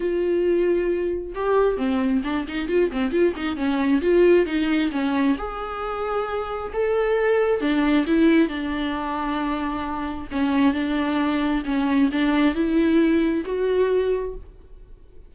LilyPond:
\new Staff \with { instrumentName = "viola" } { \time 4/4 \tempo 4 = 134 f'2. g'4 | c'4 d'8 dis'8 f'8 c'8 f'8 dis'8 | cis'4 f'4 dis'4 cis'4 | gis'2. a'4~ |
a'4 d'4 e'4 d'4~ | d'2. cis'4 | d'2 cis'4 d'4 | e'2 fis'2 | }